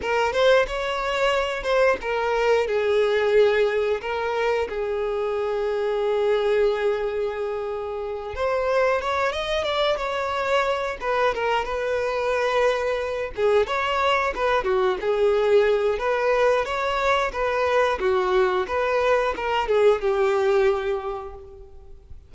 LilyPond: \new Staff \with { instrumentName = "violin" } { \time 4/4 \tempo 4 = 90 ais'8 c''8 cis''4. c''8 ais'4 | gis'2 ais'4 gis'4~ | gis'1~ | gis'8 c''4 cis''8 dis''8 d''8 cis''4~ |
cis''8 b'8 ais'8 b'2~ b'8 | gis'8 cis''4 b'8 fis'8 gis'4. | b'4 cis''4 b'4 fis'4 | b'4 ais'8 gis'8 g'2 | }